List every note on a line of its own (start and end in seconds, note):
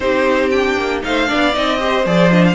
0.00 0.76 C4
0.00 0.51 D#4
0.00 1.04 G4
0.00 0.50 C5
0.50 1.02 D4
0.50 1.01 G5
0.76 1.02 A#3
1.02 1.31 A3
1.02 1.26 D#4
1.02 1.28 C5
1.02 1.54 F5
1.26 1.52 D4
1.26 1.79 D5
1.33 1.56 B3
1.53 2.05 C4
1.53 1.78 D#4
1.53 2.05 D#5
1.78 2.04 G4
1.78 2.54 C5
2.05 2.54 F3
2.05 2.31 G#4
2.05 2.31 D5
2.31 2.54 D4
2.31 2.45 D#5
2.45 2.54 F5